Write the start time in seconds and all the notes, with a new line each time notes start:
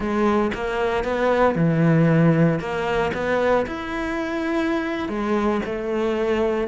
0.00 G#3
0.54 A#3
1.04 B3
1.55 E3
2.59 A#3
3.13 B3
3.66 E4
5.08 G#3
5.65 A3